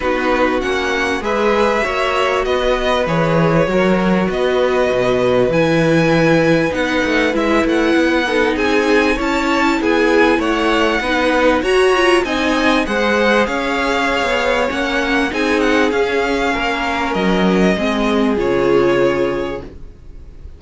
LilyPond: <<
  \new Staff \with { instrumentName = "violin" } { \time 4/4 \tempo 4 = 98 b'4 fis''4 e''2 | dis''4 cis''2 dis''4~ | dis''4 gis''2 fis''4 | e''8 fis''4. gis''4 a''4 |
gis''4 fis''2 ais''4 | gis''4 fis''4 f''2 | fis''4 gis''8 fis''8 f''2 | dis''2 cis''2 | }
  \new Staff \with { instrumentName = "violin" } { \time 4/4 fis'2 b'4 cis''4 | b'2 ais'4 b'4~ | b'1~ | b'4. a'8 gis'4 cis''4 |
gis'4 cis''4 b'4 cis''4 | dis''4 c''4 cis''2~ | cis''4 gis'2 ais'4~ | ais'4 gis'2. | }
  \new Staff \with { instrumentName = "viola" } { \time 4/4 dis'4 cis'4 gis'4 fis'4~ | fis'4 gis'4 fis'2~ | fis'4 e'2 dis'4 | e'4. dis'4. e'4~ |
e'2 dis'4 fis'8 f'8 | dis'4 gis'2. | cis'4 dis'4 cis'2~ | cis'4 c'4 f'2 | }
  \new Staff \with { instrumentName = "cello" } { \time 4/4 b4 ais4 gis4 ais4 | b4 e4 fis4 b4 | b,4 e2 b8 a8 | gis8 a8 b4 c'4 cis'4 |
b4 a4 b4 fis'4 | c'4 gis4 cis'4~ cis'16 b8. | ais4 c'4 cis'4 ais4 | fis4 gis4 cis2 | }
>>